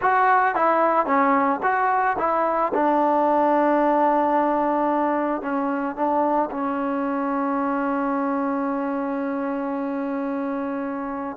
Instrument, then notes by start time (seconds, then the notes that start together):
trombone
0.01 F#4
0.55 E4
1.05 C#4
1.62 F#4
2.18 E4
2.74 D4
5.41 C#4
5.95 D4
6.50 C#4